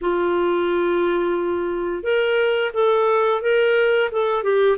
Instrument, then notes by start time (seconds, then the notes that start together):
clarinet
0.01 F4
2.03 A#4
2.73 A4
3.41 A#4
4.11 A4
4.43 G4